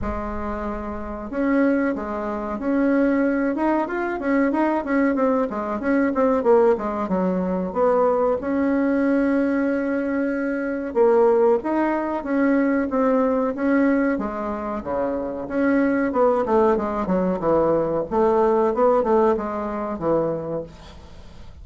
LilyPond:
\new Staff \with { instrumentName = "bassoon" } { \time 4/4 \tempo 4 = 93 gis2 cis'4 gis4 | cis'4. dis'8 f'8 cis'8 dis'8 cis'8 | c'8 gis8 cis'8 c'8 ais8 gis8 fis4 | b4 cis'2.~ |
cis'4 ais4 dis'4 cis'4 | c'4 cis'4 gis4 cis4 | cis'4 b8 a8 gis8 fis8 e4 | a4 b8 a8 gis4 e4 | }